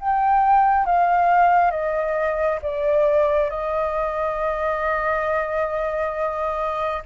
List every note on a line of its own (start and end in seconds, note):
0.00 0.86 G5
0.86 1.71 F5
1.71 2.59 D#5
2.62 3.50 D5
3.50 7.03 D#5